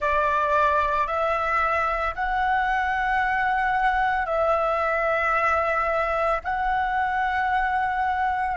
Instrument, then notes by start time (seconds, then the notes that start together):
flute
0.00 D5
1.07 E5
2.15 F#5
4.26 E5
6.43 F#5